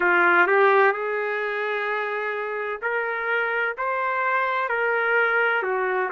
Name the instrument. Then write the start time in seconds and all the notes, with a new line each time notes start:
trumpet
0.00 F4
0.47 G4
0.92 G#4
2.81 A#4
3.77 C5
4.69 A#4
5.62 F#4